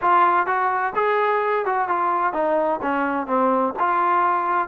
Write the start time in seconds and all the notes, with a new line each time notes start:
0.01 F4
0.46 F#4
0.95 G#4
1.65 F#4
1.88 F4
2.33 D#4
2.81 C#4
3.26 C4
3.79 F4